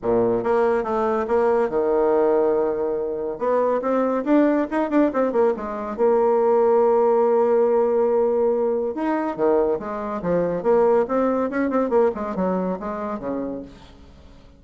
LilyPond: \new Staff \with { instrumentName = "bassoon" } { \time 4/4 \tempo 4 = 141 ais,4 ais4 a4 ais4 | dis1 | b4 c'4 d'4 dis'8 d'8 | c'8 ais8 gis4 ais2~ |
ais1~ | ais4 dis'4 dis4 gis4 | f4 ais4 c'4 cis'8 c'8 | ais8 gis8 fis4 gis4 cis4 | }